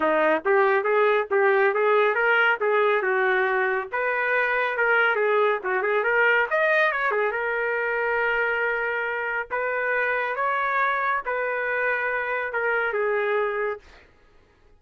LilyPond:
\new Staff \with { instrumentName = "trumpet" } { \time 4/4 \tempo 4 = 139 dis'4 g'4 gis'4 g'4 | gis'4 ais'4 gis'4 fis'4~ | fis'4 b'2 ais'4 | gis'4 fis'8 gis'8 ais'4 dis''4 |
cis''8 gis'8 ais'2.~ | ais'2 b'2 | cis''2 b'2~ | b'4 ais'4 gis'2 | }